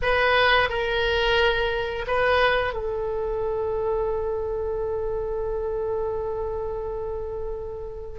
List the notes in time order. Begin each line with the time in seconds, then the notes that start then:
0.02 B4
0.69 A#4
2.07 B4
2.73 A4